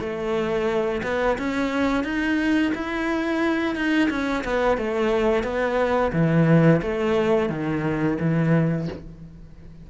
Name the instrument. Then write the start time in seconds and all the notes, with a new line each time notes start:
cello
0.00 A3
1.04 B3
1.39 C#4
2.04 D#4
2.75 E4
3.76 D#4
4.10 C#4
4.44 B3
4.78 A3
5.44 B3
6.13 E3
6.82 A3
7.50 D#3
8.20 E3